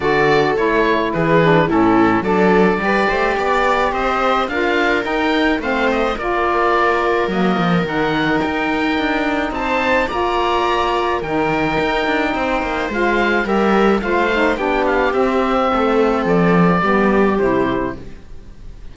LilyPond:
<<
  \new Staff \with { instrumentName = "oboe" } { \time 4/4 \tempo 4 = 107 d''4 cis''4 b'4 a'4 | d''2. dis''4 | f''4 g''4 f''8 dis''8 d''4~ | d''4 dis''4 fis''4 g''4~ |
g''4 a''4 ais''2 | g''2. f''4 | e''4 f''4 g''8 f''8 e''4~ | e''4 d''2 c''4 | }
  \new Staff \with { instrumentName = "viola" } { \time 4/4 a'2 gis'4 e'4 | a'4 b'8 c''8 d''4 c''4 | ais'2 c''4 ais'4~ | ais'1~ |
ais'4 c''4 d''2 | ais'2 c''2 | ais'4 c''4 g'2 | a'2 g'2 | }
  \new Staff \with { instrumentName = "saxophone" } { \time 4/4 fis'4 e'4. d'8 cis'4 | d'4 g'2. | f'4 dis'4 c'4 f'4~ | f'4 ais4 dis'2~ |
dis'2 f'2 | dis'2. f'4 | g'4 f'8 dis'8 d'4 c'4~ | c'2 b4 e'4 | }
  \new Staff \with { instrumentName = "cello" } { \time 4/4 d4 a4 e4 a,4 | fis4 g8 a8 b4 c'4 | d'4 dis'4 a4 ais4~ | ais4 fis8 f8 dis4 dis'4 |
d'4 c'4 ais2 | dis4 dis'8 d'8 c'8 ais8 gis4 | g4 a4 b4 c'4 | a4 f4 g4 c4 | }
>>